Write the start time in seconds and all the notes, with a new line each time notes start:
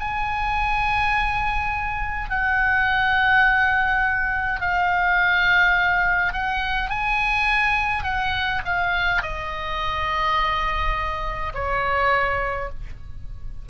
0.00 G#5
2.30 F#5
4.61 F5
6.34 F#5
6.90 G#5
8.04 F#5
8.65 F5
9.23 D#5
11.54 C#5